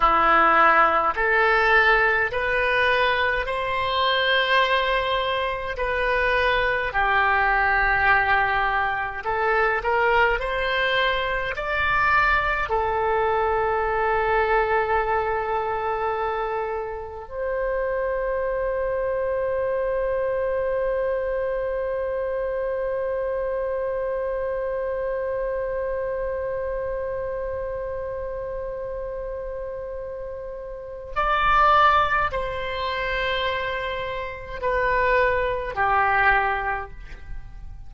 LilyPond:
\new Staff \with { instrumentName = "oboe" } { \time 4/4 \tempo 4 = 52 e'4 a'4 b'4 c''4~ | c''4 b'4 g'2 | a'8 ais'8 c''4 d''4 a'4~ | a'2. c''4~ |
c''1~ | c''1~ | c''2. d''4 | c''2 b'4 g'4 | }